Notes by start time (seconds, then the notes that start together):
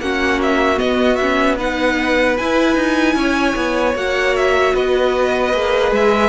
0.00 A#3 C#4 F#4 F#5
0.42 E5
0.77 B3 D#5
1.16 C#4 E5
1.57 D#4 B4 F#5
2.37 E4 G#5
2.76 D#4
3.15 C#4 C#5
3.56 B3
3.95 A#3 F#4 F#5
4.37 E5
4.74 B3 B4 D#5
5.53 A#3 G#4
5.92 G#3 E5